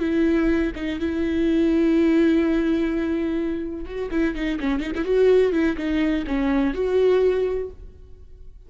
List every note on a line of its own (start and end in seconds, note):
0.00 0.72 E4
0.76 1.00 D#4
1.00 3.86 E4
3.86 4.10 F#4
4.11 4.35 E4
4.35 4.59 D#4
4.60 4.80 C#4
4.80 4.92 D#4
4.95 5.05 E4
5.05 5.52 F#4
5.52 5.76 E4
5.77 6.25 D#4
6.27 6.74 C#4
6.74 7.70 F#4